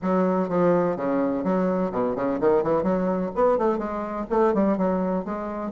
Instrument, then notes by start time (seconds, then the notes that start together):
bassoon
0.02 F#3
0.48 F3
0.96 C#3
1.44 F#3
1.92 B2
2.15 C#3
2.40 D#3
2.63 E3
2.83 F#3
3.35 B3
3.57 A3
3.78 G#3
4.30 A3
4.54 G3
4.77 F#3
5.24 G#3